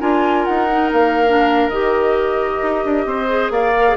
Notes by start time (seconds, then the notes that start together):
0.00 D4 F4 A#4 G#5
0.45 D#4 F#5
0.70 D#4
0.93 A#3 F5
1.27 D4
1.69 D#3 G4 D#5
2.63 D#4
2.85 D4
3.06 C4 C5
3.27 G#4
3.50 A#3 D5 F5
3.78 A#4
3.89 G#4